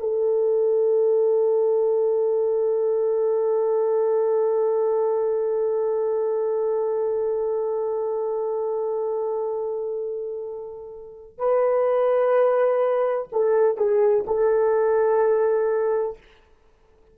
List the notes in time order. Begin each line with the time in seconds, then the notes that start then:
0.00 A4
11.38 B4
13.32 A4
13.77 G#4
14.27 A4